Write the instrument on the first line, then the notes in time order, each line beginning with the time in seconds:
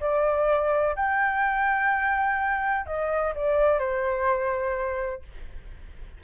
flute
0.00 D5
0.95 G5
2.86 D#5
3.35 D5
3.79 C5